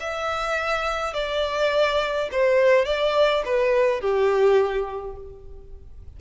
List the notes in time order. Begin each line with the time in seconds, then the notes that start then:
0.00 E5
1.14 D5
2.32 C5
2.86 D5
3.45 B4
4.01 G4